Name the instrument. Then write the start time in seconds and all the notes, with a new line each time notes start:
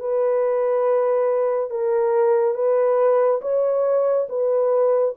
horn
0.00 B4
1.70 A#4
2.55 B4
3.42 C#5
4.29 B4